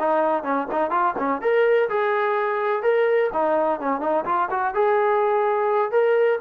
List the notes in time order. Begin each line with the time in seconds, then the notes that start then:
0.00 D#4
0.44 C#4
0.72 D#4
0.91 F4
1.19 C#4
1.42 A#4
1.90 G#4
2.83 A#4
3.33 D#4
3.81 C#4
4.01 D#4
4.26 F4
4.51 F#4
4.75 G#4
5.92 A#4